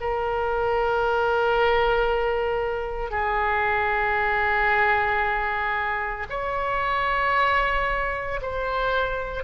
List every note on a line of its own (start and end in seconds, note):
0.00 3.10 A#4
3.10 6.26 G#4
6.29 8.40 C#5
8.41 9.43 C5